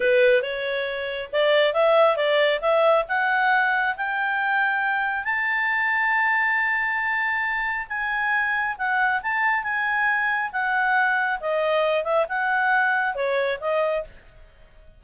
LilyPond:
\new Staff \with { instrumentName = "clarinet" } { \time 4/4 \tempo 4 = 137 b'4 cis''2 d''4 | e''4 d''4 e''4 fis''4~ | fis''4 g''2. | a''1~ |
a''2 gis''2 | fis''4 a''4 gis''2 | fis''2 dis''4. e''8 | fis''2 cis''4 dis''4 | }